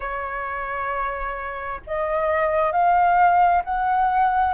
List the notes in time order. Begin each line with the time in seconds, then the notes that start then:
0.00 C#5
1.86 D#5
2.71 F5
3.64 F#5